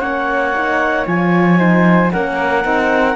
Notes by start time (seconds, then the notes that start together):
0.00 A#3 C#4 C#5 F#5
0.55 D#4
1.06 F3 F4 G#5
1.58 D#4 C5
2.12 A#3 C#4 A#4 F#5
2.63 C4 D#4